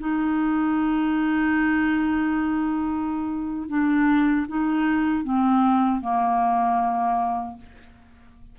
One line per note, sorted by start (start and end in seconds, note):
0.00 3.69 D#4
3.69 4.47 D4
4.48 5.24 D#4
5.24 6.01 C4
6.01 7.57 A#3